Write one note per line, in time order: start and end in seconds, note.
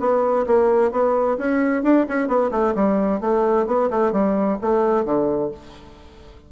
0.00 0.46 B3
0.47 0.92 A#3
0.92 1.38 B3
1.38 1.83 C#4
1.83 2.06 D4
2.09 2.28 C#4
2.28 2.51 B3
2.51 2.74 A3
2.75 3.21 G3
3.21 3.67 A3
3.67 3.90 B3
3.91 4.12 A3
4.12 4.59 G3
4.62 5.05 A3
5.05 5.51 D3